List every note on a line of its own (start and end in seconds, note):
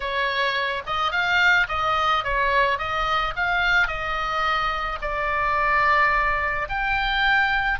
0.00 0.83 C#5
0.86 1.11 D#5
1.11 1.67 F5
1.68 2.24 D#5
2.24 2.78 C#5
2.78 3.33 D#5
3.36 3.87 F5
3.87 4.98 D#5
5.02 6.68 D5
6.68 7.79 G5